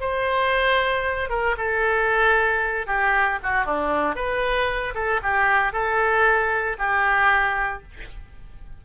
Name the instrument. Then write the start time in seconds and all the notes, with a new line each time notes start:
oboe
0.00 C5
1.29 A#4
1.57 A4
2.87 G4
3.43 F#4
3.65 D4
4.15 B4
4.94 A4
5.22 G4
5.72 A4
6.78 G4